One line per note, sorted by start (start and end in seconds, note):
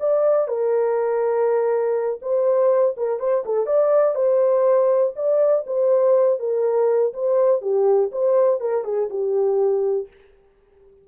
0.00 0.48 D5
0.48 2.20 A#4
2.22 2.96 C5
2.97 3.19 A#4
3.19 3.44 C5
3.46 3.66 A4
3.66 4.15 D5
4.15 5.13 C5
5.16 5.65 D5
5.67 6.40 C5
6.40 7.13 A#4
7.14 7.61 C5
7.61 8.11 G4
8.12 8.60 C5
8.60 8.84 A#4
8.84 9.09 G#4
9.10 10.08 G4